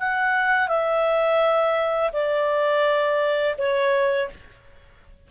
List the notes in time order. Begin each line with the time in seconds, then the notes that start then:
0.00 F#5
0.69 E5
2.13 D5
3.58 C#5